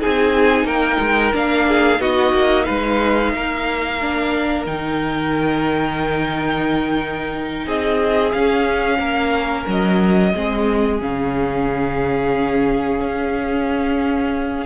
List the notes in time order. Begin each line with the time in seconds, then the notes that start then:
0.00 C4 D#4 G#4 G#5
0.65 A#3 A#4 G5
1.00 G#3
1.34 A#3 D4 F5
1.68 G#4
1.98 B3 D#4 F#4 D#5
2.33 A#3
2.64 G#3 B4 F5
3.34 A#3 A#4
4.02 D4
4.66 D#3 D#4 G5
7.65 C4 G#4 D#5
8.32 C#4 F5
8.99 A#3 A#4
9.67 F#3 D#5
10.34 G#3 C4 G#4
11.00 C#3 C#4 F5
13.00 C#4